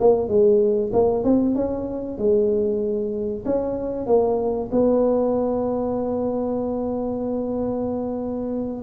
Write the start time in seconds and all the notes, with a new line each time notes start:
0.00 A#3
0.28 G#3
0.93 A#3
1.24 C4
1.55 C#4
2.18 G#3
3.45 C#4
4.07 A#3
4.72 B3